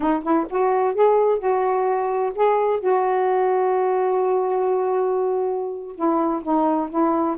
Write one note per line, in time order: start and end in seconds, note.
0.00 0.22 D#4
0.23 0.46 E4
0.49 0.94 F#4
0.94 1.38 G#4
1.38 2.32 F#4
2.35 2.80 G#4
2.80 5.95 F#4
5.95 6.42 E4
6.42 6.89 D#4
6.89 7.36 E4